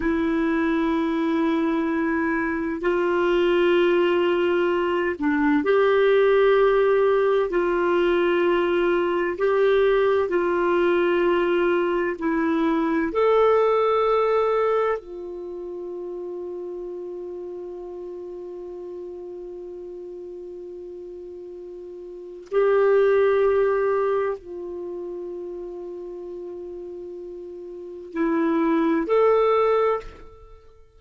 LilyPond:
\new Staff \with { instrumentName = "clarinet" } { \time 4/4 \tempo 4 = 64 e'2. f'4~ | f'4. d'8 g'2 | f'2 g'4 f'4~ | f'4 e'4 a'2 |
f'1~ | f'1 | g'2 f'2~ | f'2 e'4 a'4 | }